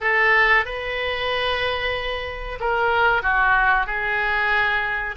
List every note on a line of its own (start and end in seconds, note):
0.00 0.65 A4
0.65 2.58 B4
2.60 3.22 A#4
3.22 3.86 F#4
3.86 5.15 G#4